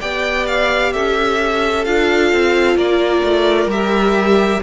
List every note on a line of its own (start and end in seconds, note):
0.00 0.94 B3
0.00 1.85 G4
0.00 0.93 D5
0.00 0.46 G5
0.46 0.92 F5
0.93 1.86 C#4
0.93 2.77 A4
0.93 1.84 E5
1.84 2.32 D4
1.84 3.69 F4
1.84 2.76 F5
2.32 2.76 C4
2.76 3.22 A#3
2.76 4.61 A#4
2.76 3.70 D5
3.23 3.66 A3
3.66 4.58 G3
3.66 4.61 G4
3.66 4.62 E5